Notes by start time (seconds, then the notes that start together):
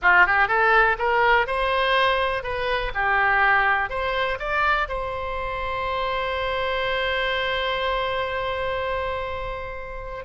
0.02 F4
0.26 G4
0.48 A4
0.98 A#4
1.47 C5
2.43 B4
2.94 G4
3.89 C5
4.39 D5
4.88 C5